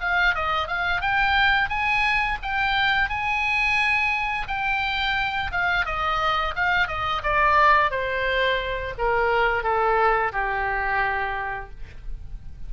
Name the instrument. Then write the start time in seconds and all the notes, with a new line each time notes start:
oboe
0.00 F5
0.34 D#5
0.67 F5
1.01 G5
1.69 G#5
2.42 G5
3.09 G#5
4.47 G5
5.51 F5
5.85 D#5
6.55 F5
6.87 D#5
7.23 D5
7.90 C5
8.98 A#4
9.63 A4
10.32 G4